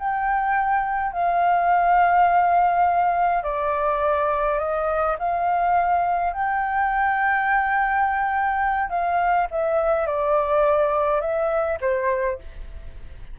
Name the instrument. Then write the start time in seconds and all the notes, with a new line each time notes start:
flute
0.00 G5
1.13 F5
3.44 D5
4.59 D#5
5.19 F5
6.34 G5
8.90 F5
9.51 E5
10.07 D5
11.21 E5
11.81 C5